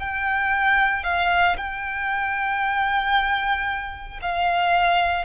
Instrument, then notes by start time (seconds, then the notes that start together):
violin
0.00 G5
1.04 F5
1.58 G5
4.22 F5